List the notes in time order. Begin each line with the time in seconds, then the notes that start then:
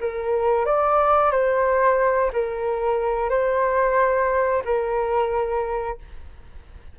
0.00 A#4
0.66 D5
1.31 C5
2.33 A#4
3.29 C5
4.65 A#4